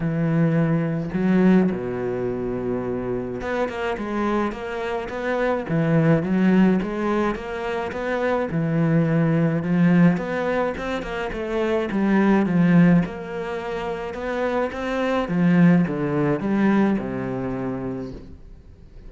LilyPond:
\new Staff \with { instrumentName = "cello" } { \time 4/4 \tempo 4 = 106 e2 fis4 b,4~ | b,2 b8 ais8 gis4 | ais4 b4 e4 fis4 | gis4 ais4 b4 e4~ |
e4 f4 b4 c'8 ais8 | a4 g4 f4 ais4~ | ais4 b4 c'4 f4 | d4 g4 c2 | }